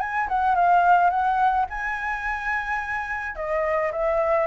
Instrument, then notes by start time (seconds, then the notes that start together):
flute
0.00 G#5
0.29 F#5
0.55 F5
1.10 F#5
1.69 G#5
3.36 D#5
3.92 E5